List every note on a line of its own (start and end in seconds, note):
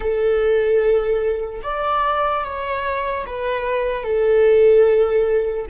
0.00 1.60 A4
1.62 2.43 D5
2.44 3.25 C#5
3.26 4.03 B4
4.03 5.65 A4